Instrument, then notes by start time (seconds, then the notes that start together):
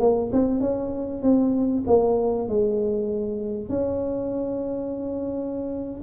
tuba
0.00 A#3
0.33 C4
0.61 C#4
1.23 C4
1.87 A#3
2.49 G#3
3.70 C#4